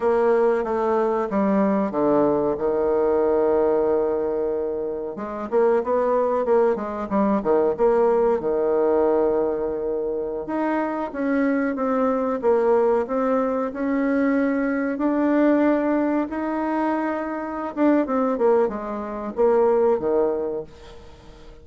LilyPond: \new Staff \with { instrumentName = "bassoon" } { \time 4/4 \tempo 4 = 93 ais4 a4 g4 d4 | dis1 | gis8 ais8 b4 ais8 gis8 g8 dis8 | ais4 dis2.~ |
dis16 dis'4 cis'4 c'4 ais8.~ | ais16 c'4 cis'2 d'8.~ | d'4~ d'16 dis'2~ dis'16 d'8 | c'8 ais8 gis4 ais4 dis4 | }